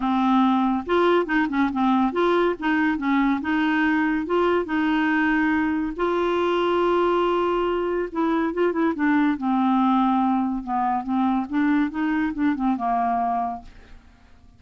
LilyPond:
\new Staff \with { instrumentName = "clarinet" } { \time 4/4 \tempo 4 = 141 c'2 f'4 dis'8 cis'8 | c'4 f'4 dis'4 cis'4 | dis'2 f'4 dis'4~ | dis'2 f'2~ |
f'2. e'4 | f'8 e'8 d'4 c'2~ | c'4 b4 c'4 d'4 | dis'4 d'8 c'8 ais2 | }